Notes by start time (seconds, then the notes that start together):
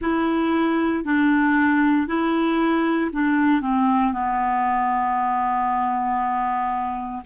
0.01 E4
1.04 D4
2.07 E4
3.12 D4
3.61 C4
4.12 B3